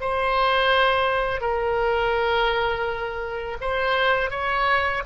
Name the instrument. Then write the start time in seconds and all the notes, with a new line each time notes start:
oboe
0.00 C5
1.40 A#4
3.60 C5
4.30 C#5